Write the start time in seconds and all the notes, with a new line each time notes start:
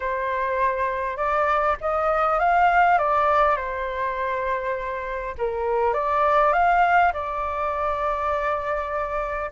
0.00 C5
1.17 D5
1.80 D#5
2.39 F5
2.98 D5
3.56 C5
5.38 A#4
5.93 D5
6.53 F5
7.13 D5